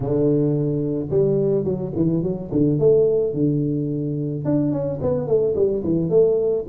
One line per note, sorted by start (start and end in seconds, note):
0.00 1.09 D3
1.10 1.64 G3
1.64 1.92 F#3
1.95 2.22 E3
2.22 2.50 F#3
2.51 2.79 D3
2.79 3.33 A3
3.33 4.44 D3
4.44 4.71 D4
4.71 4.99 C#4
5.01 5.27 B3
5.27 5.55 A3
5.55 5.83 G3
5.83 6.09 E3
6.09 6.65 A3